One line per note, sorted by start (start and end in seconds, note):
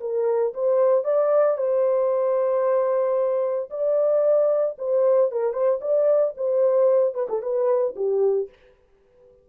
0.00 0.53 A#4
0.53 1.04 C5
1.04 1.57 D5
1.57 3.69 C5
3.70 4.76 D5
4.78 5.31 C5
5.31 5.53 A#4
5.53 5.79 C5
5.81 6.34 D5
6.37 7.14 C5
7.14 7.27 B4
7.29 7.42 A4
7.42 7.95 B4
7.95 8.48 G4